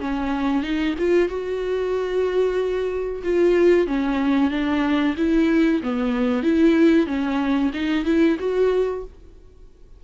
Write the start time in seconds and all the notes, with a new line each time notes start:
0.00 C#4
0.63 D#4
0.98 F4
1.29 F#4
3.23 F4
3.87 C#4
4.50 D4
5.17 E4
5.83 B3
6.43 E4
7.06 C#4
7.73 D#4
8.05 E4
8.39 F#4